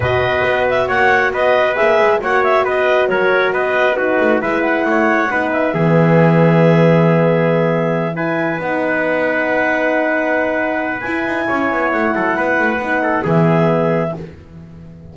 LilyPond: <<
  \new Staff \with { instrumentName = "clarinet" } { \time 4/4 \tempo 4 = 136 dis''4. e''8 fis''4 dis''4 | e''4 fis''8 e''8 dis''4 cis''4 | dis''4 b'4 e''8 fis''4.~ | fis''8 e''2.~ e''8~ |
e''2~ e''8 gis''4 fis''8~ | fis''1~ | fis''4 gis''2 fis''4~ | fis''2 e''2 | }
  \new Staff \with { instrumentName = "trumpet" } { \time 4/4 b'2 cis''4 b'4~ | b'4 cis''4 b'4 ais'4 | b'4 fis'4 b'4 cis''4 | b'4 gis'2.~ |
gis'2~ gis'8 b'4.~ | b'1~ | b'2 cis''4. a'8 | b'4. a'8 gis'2 | }
  \new Staff \with { instrumentName = "horn" } { \time 4/4 fis'1 | gis'4 fis'2.~ | fis'4 dis'4 e'2 | dis'4 b2.~ |
b2~ b8 e'4 dis'8~ | dis'1~ | dis'4 e'2.~ | e'4 dis'4 b2 | }
  \new Staff \with { instrumentName = "double bass" } { \time 4/4 b,4 b4 ais4 b4 | ais8 gis8 ais4 b4 fis4 | b4. a8 gis4 a4 | b4 e2.~ |
e2.~ e8 b8~ | b1~ | b4 e'8 dis'8 cis'8 b8 a8 fis8 | b8 a8 b4 e2 | }
>>